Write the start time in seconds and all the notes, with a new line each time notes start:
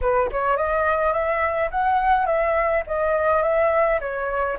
0.01 B4
0.31 C#5
0.57 D#5
1.12 E5
1.70 F#5
2.26 E5
2.86 D#5
3.42 E5
4.00 C#5